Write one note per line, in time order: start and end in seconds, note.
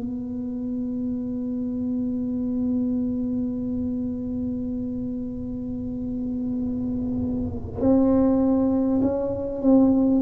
0.00 7.80 B3
7.81 9.01 C4
9.01 9.61 C#4
9.61 10.21 C4